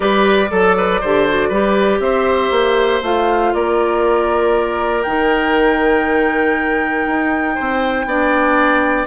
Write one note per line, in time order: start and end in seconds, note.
0.00 0.50 G3
0.00 0.46 G4
0.00 0.50 B4
0.00 2.00 D5
0.50 1.01 F#3
0.50 0.76 A4
0.50 1.01 A4
0.77 1.00 B4
1.00 1.50 D3
1.00 1.28 G4
1.00 1.48 C5
1.28 1.52 F#4
1.48 1.99 G3
1.48 3.03 G4
1.48 1.99 B4
1.99 2.50 C4
1.99 3.53 C5
1.99 3.01 E5
2.50 3.00 A#3
3.02 3.52 A3
3.02 5.04 F4
3.02 3.53 F5
3.53 5.05 A#3
3.53 7.54 A#4
3.53 5.02 D5
5.02 7.06 D#3
5.02 8.08 D#4
5.02 9.06 G5
7.06 7.56 D#4
7.54 8.05 C4
7.54 8.05 C5
8.05 9.05 B3
8.05 9.06 D4
8.05 9.06 D5